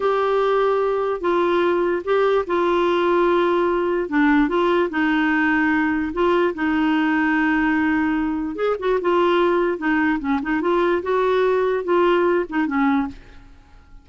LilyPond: \new Staff \with { instrumentName = "clarinet" } { \time 4/4 \tempo 4 = 147 g'2. f'4~ | f'4 g'4 f'2~ | f'2 d'4 f'4 | dis'2. f'4 |
dis'1~ | dis'4 gis'8 fis'8 f'2 | dis'4 cis'8 dis'8 f'4 fis'4~ | fis'4 f'4. dis'8 cis'4 | }